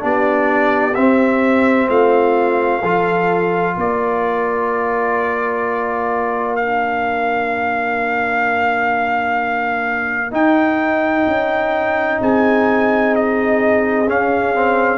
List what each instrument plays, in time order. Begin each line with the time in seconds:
0.00 tuba B3, trombone D4, horn G4, trumpet D5
0.95 trombone C4, tuba C4, trumpet E5
1.88 tuba A3, horn F4, trumpet F5
2.81 tuba F3, trombone F4, horn A4
3.75 tuba A#3, horn A#4, trumpet D5
6.56 trombone D4, trumpet F5
10.31 trombone D#4, tuba D#4, trumpet G5
11.26 tuba C#4
12.21 tuba C4, horn G#4, trumpet G#5
13.15 trumpet D#5
14.07 tuba C#4, trombone C#4, trumpet F5
14.55 trombone C4